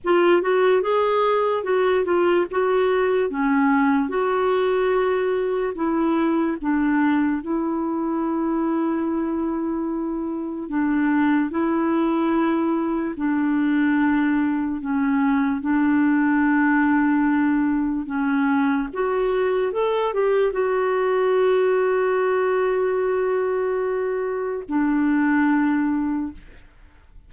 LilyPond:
\new Staff \with { instrumentName = "clarinet" } { \time 4/4 \tempo 4 = 73 f'8 fis'8 gis'4 fis'8 f'8 fis'4 | cis'4 fis'2 e'4 | d'4 e'2.~ | e'4 d'4 e'2 |
d'2 cis'4 d'4~ | d'2 cis'4 fis'4 | a'8 g'8 fis'2.~ | fis'2 d'2 | }